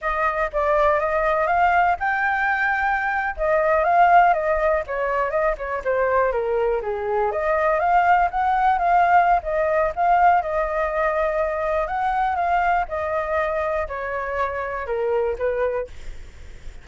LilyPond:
\new Staff \with { instrumentName = "flute" } { \time 4/4 \tempo 4 = 121 dis''4 d''4 dis''4 f''4 | g''2~ g''8. dis''4 f''16~ | f''8. dis''4 cis''4 dis''8 cis''8 c''16~ | c''8. ais'4 gis'4 dis''4 f''16~ |
f''8. fis''4 f''4~ f''16 dis''4 | f''4 dis''2. | fis''4 f''4 dis''2 | cis''2 ais'4 b'4 | }